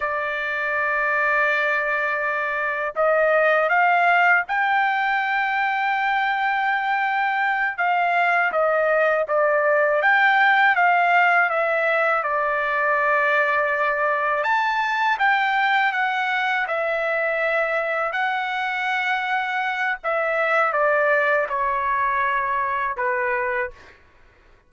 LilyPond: \new Staff \with { instrumentName = "trumpet" } { \time 4/4 \tempo 4 = 81 d''1 | dis''4 f''4 g''2~ | g''2~ g''8 f''4 dis''8~ | dis''8 d''4 g''4 f''4 e''8~ |
e''8 d''2. a''8~ | a''8 g''4 fis''4 e''4.~ | e''8 fis''2~ fis''8 e''4 | d''4 cis''2 b'4 | }